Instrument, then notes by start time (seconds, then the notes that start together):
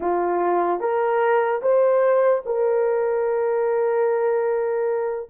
horn
0.00 F4
0.80 A#4
1.61 C5
2.45 A#4